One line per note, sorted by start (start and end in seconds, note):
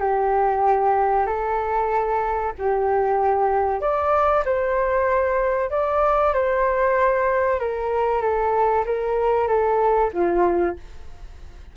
0.00 1.26 G4
1.26 2.53 A4
2.58 3.81 G4
3.81 4.44 D5
4.45 5.70 C5
5.70 6.33 D5
6.34 7.60 C5
7.60 8.21 A#4
8.21 8.84 A4
8.86 9.48 A#4
9.48 10.11 A4
10.13 10.76 F4